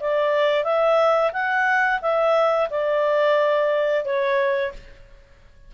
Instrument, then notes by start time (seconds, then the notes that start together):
clarinet
0.00 D5
0.64 E5
1.33 F#5
2.02 E5
2.70 D5
4.05 C#5